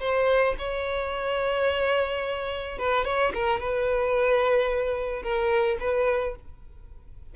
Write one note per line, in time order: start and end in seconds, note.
0.00 0.55 C5
0.58 2.78 C#5
2.78 3.05 B4
3.05 3.32 C#5
3.34 3.60 A#4
3.60 5.23 B4
5.23 5.78 A#4
5.80 6.35 B4